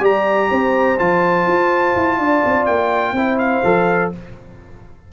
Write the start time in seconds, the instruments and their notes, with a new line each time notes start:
0.00 tuba G3, trombone G4, horn D5, trumpet A#5
0.50 tuba C4, horn C5
0.99 tuba F3, trombone F4, trumpet A5
1.47 tuba F4
1.96 tuba E4
2.19 tuba D4, horn D5
2.45 tuba C4
2.66 tuba A#3, trumpet G5
3.13 tuba C4, trombone E4, horn C5
3.39 trumpet F5
3.64 tuba F3, trombone A4